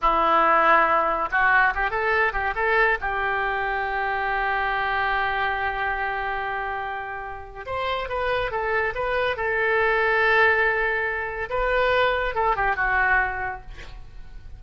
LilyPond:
\new Staff \with { instrumentName = "oboe" } { \time 4/4 \tempo 4 = 141 e'2. fis'4 | g'8 a'4 g'8 a'4 g'4~ | g'1~ | g'1~ |
g'2 c''4 b'4 | a'4 b'4 a'2~ | a'2. b'4~ | b'4 a'8 g'8 fis'2 | }